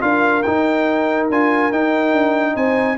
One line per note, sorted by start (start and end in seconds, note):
0.00 0.45 D4
0.00 0.42 F4
0.00 2.54 A#4
0.00 0.43 F5
0.43 1.31 D#4
0.43 1.30 D#4
0.43 1.27 G5
1.30 1.71 D4
1.30 1.72 F4
1.30 1.72 G#5
1.71 2.12 D#4
1.71 2.98 D#4
1.71 2.56 G5
2.12 2.54 D4
2.54 2.98 C4
2.54 2.96 C5
2.54 2.98 G#5